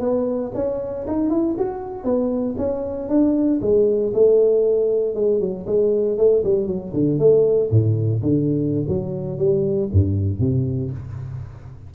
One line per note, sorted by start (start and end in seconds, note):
0.00 0.51 B3
0.54 1.06 C#4
1.07 1.30 D#4
1.30 1.55 E4
1.58 2.03 F#4
2.03 2.55 B3
2.57 3.09 C#4
3.09 3.60 D4
3.61 4.13 G#3
4.13 5.14 A3
5.14 5.40 G#3
5.40 5.65 F#3
5.66 6.17 G#3
6.17 6.43 A3
6.44 6.67 G3
6.67 6.92 F#3
6.93 7.18 D3
7.18 7.70 A3
7.70 8.21 A2
8.22 8.86 D3
8.88 9.38 F#3
9.38 9.89 G3
9.92 10.39 G2
10.39 10.91 C3